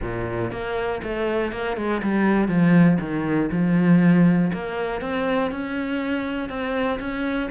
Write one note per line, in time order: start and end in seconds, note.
0.01 0.51 A#2
0.51 1.01 A#3
1.03 1.52 A3
1.52 1.76 A#3
1.76 2.01 G#3
2.02 2.48 G3
2.48 2.98 F3
3.00 3.50 D#3
3.51 4.51 F3
4.53 5.01 A#3
5.01 5.51 C4
5.51 6.49 C#4
6.49 6.99 C4
6.99 7.49 C#4